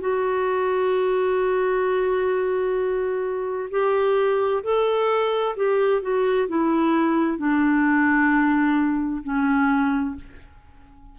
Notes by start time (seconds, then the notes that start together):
0.00 F#4
3.70 G4
4.63 A4
5.56 G4
6.02 F#4
6.48 E4
7.38 D4
9.23 C#4